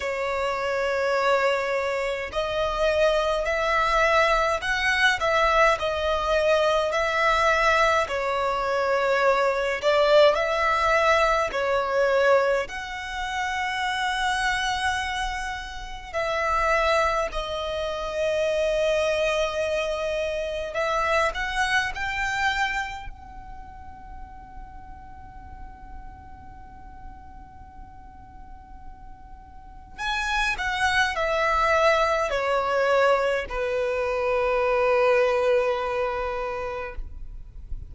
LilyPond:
\new Staff \with { instrumentName = "violin" } { \time 4/4 \tempo 4 = 52 cis''2 dis''4 e''4 | fis''8 e''8 dis''4 e''4 cis''4~ | cis''8 d''8 e''4 cis''4 fis''4~ | fis''2 e''4 dis''4~ |
dis''2 e''8 fis''8 g''4 | fis''1~ | fis''2 gis''8 fis''8 e''4 | cis''4 b'2. | }